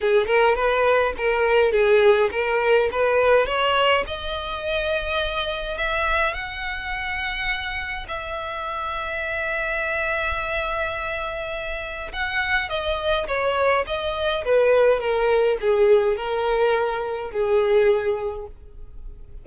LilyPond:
\new Staff \with { instrumentName = "violin" } { \time 4/4 \tempo 4 = 104 gis'8 ais'8 b'4 ais'4 gis'4 | ais'4 b'4 cis''4 dis''4~ | dis''2 e''4 fis''4~ | fis''2 e''2~ |
e''1~ | e''4 fis''4 dis''4 cis''4 | dis''4 b'4 ais'4 gis'4 | ais'2 gis'2 | }